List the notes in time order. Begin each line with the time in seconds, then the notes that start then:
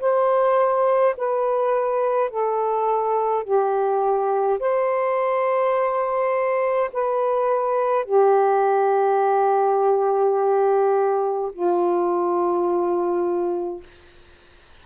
0.00 C5
1.17 B4
2.30 A4
3.44 G4
4.59 C5
6.93 B4
8.05 G4
11.53 F4